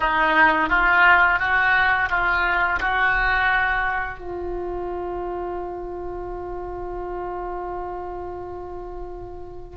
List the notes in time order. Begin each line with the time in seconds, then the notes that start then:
0.00 D#4
0.69 F4
1.39 F#4
2.10 F4
2.80 F#4
4.18 F4